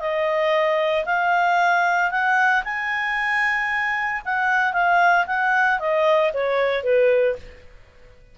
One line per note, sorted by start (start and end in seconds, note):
0.00 1.05 D#5
1.06 2.11 F5
2.11 2.64 F#5
2.64 4.22 G#5
4.25 4.73 F#5
4.73 5.26 F5
5.27 5.79 F#5
5.79 6.32 D#5
6.33 6.83 C#5
6.83 7.36 B4